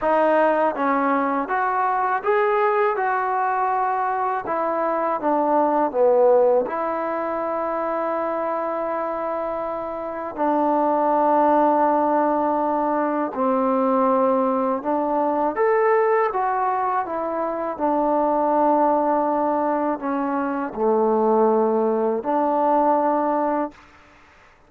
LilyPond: \new Staff \with { instrumentName = "trombone" } { \time 4/4 \tempo 4 = 81 dis'4 cis'4 fis'4 gis'4 | fis'2 e'4 d'4 | b4 e'2.~ | e'2 d'2~ |
d'2 c'2 | d'4 a'4 fis'4 e'4 | d'2. cis'4 | a2 d'2 | }